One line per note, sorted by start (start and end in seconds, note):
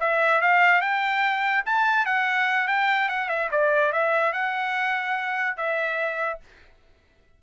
0.00 0.41 E5
0.41 0.81 F5
0.81 1.63 G5
1.65 2.05 A5
2.05 2.67 F#5
2.67 3.08 G5
3.08 3.28 F#5
3.28 3.49 E5
3.51 3.92 D5
3.92 4.33 E5
4.33 5.56 F#5
5.56 6.39 E5